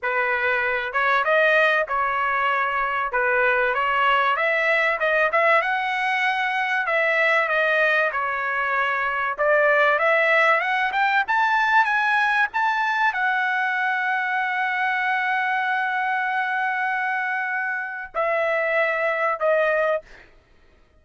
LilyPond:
\new Staff \with { instrumentName = "trumpet" } { \time 4/4 \tempo 4 = 96 b'4. cis''8 dis''4 cis''4~ | cis''4 b'4 cis''4 e''4 | dis''8 e''8 fis''2 e''4 | dis''4 cis''2 d''4 |
e''4 fis''8 g''8 a''4 gis''4 | a''4 fis''2.~ | fis''1~ | fis''4 e''2 dis''4 | }